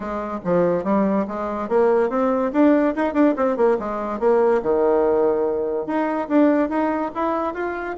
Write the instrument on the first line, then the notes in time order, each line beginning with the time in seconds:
bassoon
0.00 G#3
0.44 F3
0.84 G3
1.27 G#3
1.68 A#3
2.09 C4
2.52 D4
2.95 D#4
3.13 D4
3.36 C4
3.56 A#3
3.79 G#3
4.19 A#3
4.62 D#3
5.86 D#4
6.28 D4
6.69 D#4
7.14 E4
7.54 F4